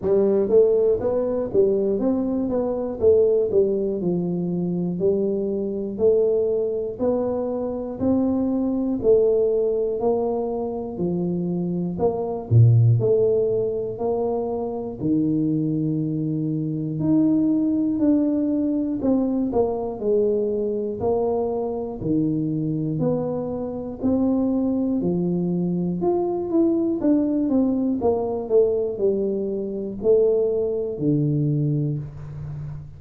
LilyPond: \new Staff \with { instrumentName = "tuba" } { \time 4/4 \tempo 4 = 60 g8 a8 b8 g8 c'8 b8 a8 g8 | f4 g4 a4 b4 | c'4 a4 ais4 f4 | ais8 ais,8 a4 ais4 dis4~ |
dis4 dis'4 d'4 c'8 ais8 | gis4 ais4 dis4 b4 | c'4 f4 f'8 e'8 d'8 c'8 | ais8 a8 g4 a4 d4 | }